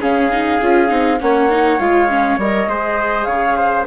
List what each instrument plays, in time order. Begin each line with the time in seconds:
0.00 bassoon C#3, viola C#4, trumpet G#4, flute F5
0.31 viola D#4
0.62 bassoon C#4, viola F4
0.88 bassoon C4, viola D#4
1.20 bassoon A#3, viola C#4, trumpet C#5, flute F#5
1.50 viola D#4
1.79 bassoon G#3, viola F4, flute F5
2.09 viola C#4
2.38 bassoon G3, viola A#4, flute D#5
2.67 bassoon G#3, viola G#4, trumpet C5
3.25 bassoon C#3, trumpet C#5, flute F5
3.57 trumpet C5